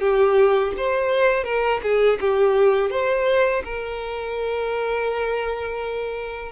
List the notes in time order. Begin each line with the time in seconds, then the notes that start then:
0.00 G4
0.77 C5
1.44 A#4
1.82 G#4
2.20 G4
2.90 C5
3.64 A#4